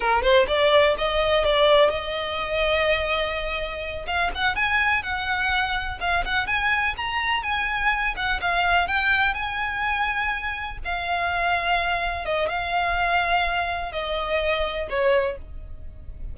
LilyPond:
\new Staff \with { instrumentName = "violin" } { \time 4/4 \tempo 4 = 125 ais'8 c''8 d''4 dis''4 d''4 | dis''1~ | dis''8 f''8 fis''8 gis''4 fis''4.~ | fis''8 f''8 fis''8 gis''4 ais''4 gis''8~ |
gis''4 fis''8 f''4 g''4 gis''8~ | gis''2~ gis''8 f''4.~ | f''4. dis''8 f''2~ | f''4 dis''2 cis''4 | }